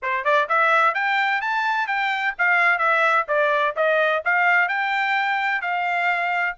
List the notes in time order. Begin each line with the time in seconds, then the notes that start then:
0.02 C5
0.24 D5
0.48 E5
0.94 G5
1.41 A5
1.87 G5
2.38 F5
2.78 E5
3.27 D5
3.75 D#5
4.24 F5
4.68 G5
5.61 F5